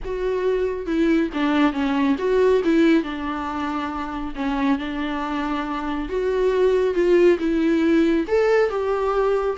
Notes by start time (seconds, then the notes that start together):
0.04 F#4
0.86 E4
1.33 D4
1.72 C#4
2.18 F#4
2.64 E4
3.03 D4
4.35 C#4
4.78 D4
6.08 F#4
6.94 F4
7.39 E4
8.27 A4
8.69 G4